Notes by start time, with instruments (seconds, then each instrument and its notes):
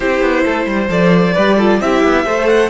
0.00 cello C4, viola E4, violin G4 C5
0.21 cello B3
0.44 cello A3, violin A4
0.66 cello G3, violin C5
0.88 cello F3, viola A4, violin D5
1.33 cello G3, viola G4, violin B4
1.57 viola F4, violin A4
1.80 cello C4, viola E4, violin G4 E5
2.03 cello B3
2.25 cello A3, viola A4, violin C5
2.47 violin F#5